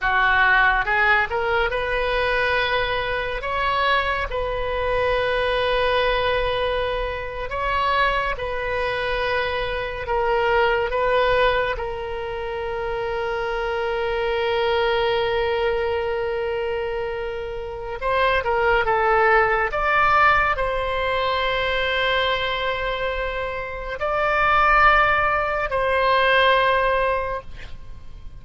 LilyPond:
\new Staff \with { instrumentName = "oboe" } { \time 4/4 \tempo 4 = 70 fis'4 gis'8 ais'8 b'2 | cis''4 b'2.~ | b'8. cis''4 b'2 ais'16~ | ais'8. b'4 ais'2~ ais'16~ |
ais'1~ | ais'4 c''8 ais'8 a'4 d''4 | c''1 | d''2 c''2 | }